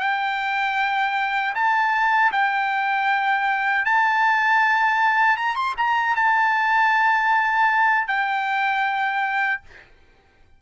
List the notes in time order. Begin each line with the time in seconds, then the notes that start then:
0.00 G5
1.55 A5
2.32 G5
3.85 A5
5.37 A#5
5.56 C6
5.77 A#5
6.15 A5
8.08 G5